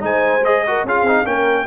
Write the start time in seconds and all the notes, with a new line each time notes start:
0.00 G#3 D#4 C5 G#5
0.45 G#4 D#5
0.67 F#4 A#4
0.84 C#4 F4 G#4 F5
1.03 C4 D#4
1.25 A#3 C#4 A#4 G5